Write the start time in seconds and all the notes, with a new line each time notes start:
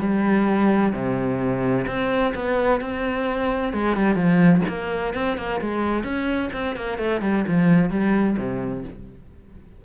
0.00 G3
0.93 C3
1.87 C4
2.35 B3
2.81 C4
3.73 G#3
3.97 G3
4.15 F3
4.69 A#3
5.14 C4
5.37 A#3
5.61 G#3
6.04 C#4
6.53 C4
6.76 A#3
6.98 A3
7.22 G3
7.48 F3
7.90 G3
8.38 C3